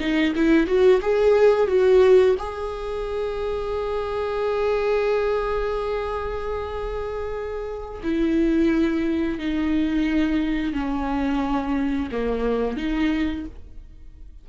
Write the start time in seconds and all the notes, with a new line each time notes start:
0.00 D#4
0.36 E4
0.67 F#4
1.02 G#4
1.68 F#4
2.39 G#4
8.04 E4
9.39 D#4
10.74 C#4
12.12 A#3
12.77 D#4